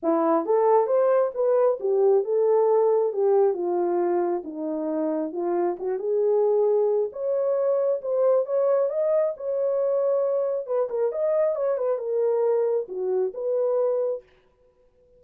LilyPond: \new Staff \with { instrumentName = "horn" } { \time 4/4 \tempo 4 = 135 e'4 a'4 c''4 b'4 | g'4 a'2 g'4 | f'2 dis'2 | f'4 fis'8 gis'2~ gis'8 |
cis''2 c''4 cis''4 | dis''4 cis''2. | b'8 ais'8 dis''4 cis''8 b'8 ais'4~ | ais'4 fis'4 b'2 | }